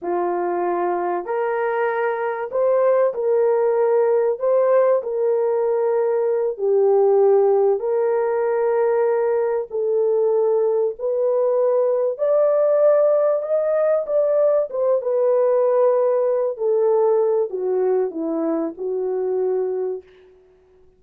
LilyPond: \new Staff \with { instrumentName = "horn" } { \time 4/4 \tempo 4 = 96 f'2 ais'2 | c''4 ais'2 c''4 | ais'2~ ais'8 g'4.~ | g'8 ais'2. a'8~ |
a'4. b'2 d''8~ | d''4. dis''4 d''4 c''8 | b'2~ b'8 a'4. | fis'4 e'4 fis'2 | }